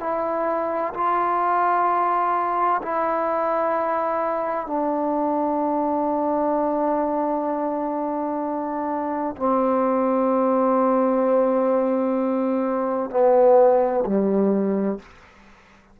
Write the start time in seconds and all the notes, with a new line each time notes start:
0.00 E4
0.94 F4
2.83 E4
4.67 D4
9.37 C4
13.10 B3
14.05 G3